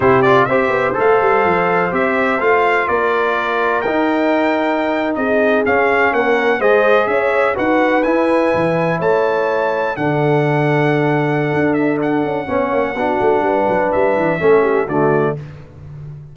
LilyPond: <<
  \new Staff \with { instrumentName = "trumpet" } { \time 4/4 \tempo 4 = 125 c''8 d''8 e''4 f''2 | e''4 f''4 d''2 | g''2~ g''8. dis''4 f''16~ | f''8. fis''4 dis''4 e''4 fis''16~ |
fis''8. gis''2 a''4~ a''16~ | a''8. fis''2.~ fis''16~ | fis''8 e''8 fis''2.~ | fis''4 e''2 d''4 | }
  \new Staff \with { instrumentName = "horn" } { \time 4/4 g'4 c''2.~ | c''2 ais'2~ | ais'2~ ais'8. gis'4~ gis'16~ | gis'8. ais'4 c''4 cis''4 b'16~ |
b'2~ b'8. cis''4~ cis''16~ | cis''8. a'2.~ a'16~ | a'2 cis''4 fis'4 | b'2 a'8 g'8 fis'4 | }
  \new Staff \with { instrumentName = "trombone" } { \time 4/4 e'8 f'8 g'4 a'2 | g'4 f'2. | dis'2.~ dis'8. cis'16~ | cis'4.~ cis'16 gis'2 fis'16~ |
fis'8. e'2.~ e'16~ | e'8. d'2.~ d'16~ | d'2 cis'4 d'4~ | d'2 cis'4 a4 | }
  \new Staff \with { instrumentName = "tuba" } { \time 4/4 c4 c'8 b8 a8 g8 f4 | c'4 a4 ais2 | dis'2~ dis'8. c'4 cis'16~ | cis'8. ais4 gis4 cis'4 dis'16~ |
dis'8. e'4 e4 a4~ a16~ | a8. d2.~ d16 | d'4. cis'8 b8 ais8 b8 a8 | g8 fis8 g8 e8 a4 d4 | }
>>